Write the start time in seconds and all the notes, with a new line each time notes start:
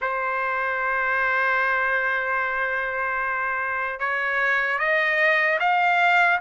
0.01 C5
3.99 C#5
4.78 D#5
5.59 F5